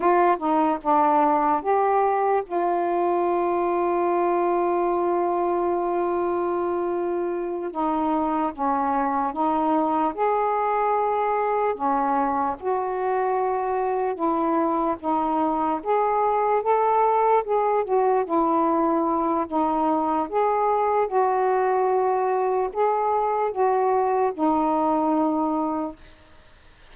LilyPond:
\new Staff \with { instrumentName = "saxophone" } { \time 4/4 \tempo 4 = 74 f'8 dis'8 d'4 g'4 f'4~ | f'1~ | f'4. dis'4 cis'4 dis'8~ | dis'8 gis'2 cis'4 fis'8~ |
fis'4. e'4 dis'4 gis'8~ | gis'8 a'4 gis'8 fis'8 e'4. | dis'4 gis'4 fis'2 | gis'4 fis'4 dis'2 | }